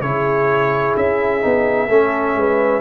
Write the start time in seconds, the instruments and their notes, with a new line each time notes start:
0.00 tuba C#3, trombone E4, horn G#4, trumpet C#5
0.96 tuba C#4, trumpet E5
1.41 tuba B3, trombone D#4
1.88 tuba A3, trombone C#4, horn A4
2.35 tuba G#3, horn B4